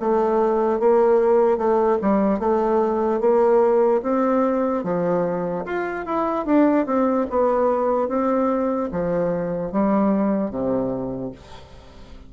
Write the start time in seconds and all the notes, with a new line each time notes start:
0.00 A3
0.80 A#3
1.57 A3
2.02 G3
2.39 A3
3.20 A#3
4.02 C4
4.84 F3
5.65 F4
6.06 E4
6.46 D4
6.86 C4
7.30 B3
8.09 C4
8.92 F3
9.72 G3
10.50 C3